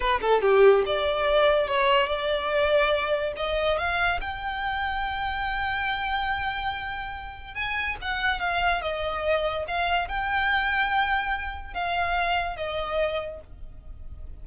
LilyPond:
\new Staff \with { instrumentName = "violin" } { \time 4/4 \tempo 4 = 143 b'8 a'8 g'4 d''2 | cis''4 d''2. | dis''4 f''4 g''2~ | g''1~ |
g''2 gis''4 fis''4 | f''4 dis''2 f''4 | g''1 | f''2 dis''2 | }